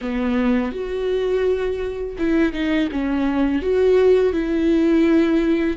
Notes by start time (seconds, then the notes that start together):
0.01 B3
0.72 F#4
2.18 E4
2.52 D#4
2.91 C#4
3.62 F#4
4.32 E4